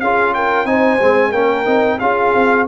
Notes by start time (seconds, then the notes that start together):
0.00 C#4 F4 G#4 F5
0.34 A#4 G5
0.65 C4 D#4 C5 G#5
0.99 G#3 C4
1.31 A#3 C#4 A#4 G5
1.65 C4 D#4
1.99 C#4 F4 G#4 F5
2.35 C4